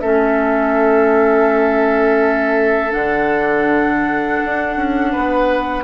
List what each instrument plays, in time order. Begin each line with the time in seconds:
0.00 bassoon A3, clarinet C#4, oboe A4, flute E5
2.91 bassoon D3, clarinet D4, flute F#5
4.45 bassoon D4
4.76 bassoon C#4
5.12 bassoon B3, oboe B4